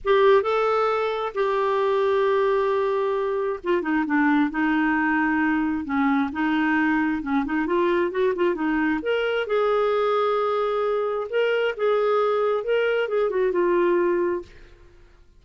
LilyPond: \new Staff \with { instrumentName = "clarinet" } { \time 4/4 \tempo 4 = 133 g'4 a'2 g'4~ | g'1 | f'8 dis'8 d'4 dis'2~ | dis'4 cis'4 dis'2 |
cis'8 dis'8 f'4 fis'8 f'8 dis'4 | ais'4 gis'2.~ | gis'4 ais'4 gis'2 | ais'4 gis'8 fis'8 f'2 | }